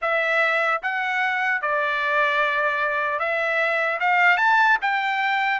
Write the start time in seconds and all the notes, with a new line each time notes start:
0.01 E5
0.82 F#5
1.61 D5
3.19 E5
4.00 F5
4.37 A5
4.81 G5